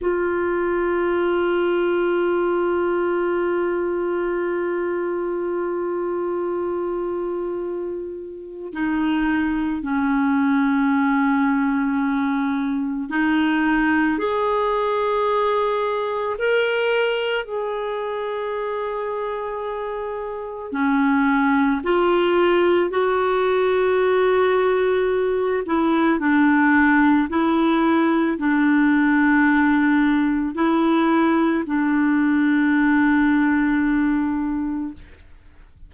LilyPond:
\new Staff \with { instrumentName = "clarinet" } { \time 4/4 \tempo 4 = 55 f'1~ | f'1 | dis'4 cis'2. | dis'4 gis'2 ais'4 |
gis'2. cis'4 | f'4 fis'2~ fis'8 e'8 | d'4 e'4 d'2 | e'4 d'2. | }